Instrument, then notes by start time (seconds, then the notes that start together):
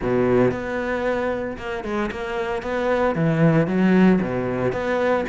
cello
0.02 B2
0.51 B3
1.57 A#3
1.84 G#3
2.11 A#3
2.62 B3
3.15 E3
3.67 F#3
4.21 B2
4.72 B3